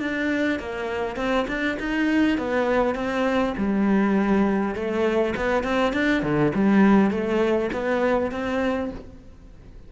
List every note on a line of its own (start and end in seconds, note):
0.00 0.59 D4
0.59 1.17 A#3
1.17 1.46 C4
1.48 1.78 D4
1.79 2.38 D#4
2.38 2.95 B3
2.95 3.55 C4
3.57 4.75 G3
4.75 5.34 A3
5.36 5.64 B3
5.64 5.93 C4
5.93 6.23 D4
6.23 6.53 D3
6.55 7.11 G3
7.11 7.70 A3
7.73 8.31 B3
8.31 8.91 C4